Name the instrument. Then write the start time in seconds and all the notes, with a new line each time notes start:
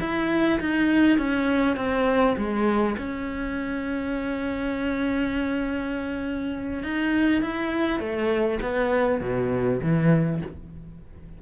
cello
0.00 E4
0.60 D#4
1.18 C#4
1.76 C4
2.37 G#3
2.98 C#4
6.83 D#4
7.42 E4
8.00 A3
8.61 B3
9.21 B2
9.82 E3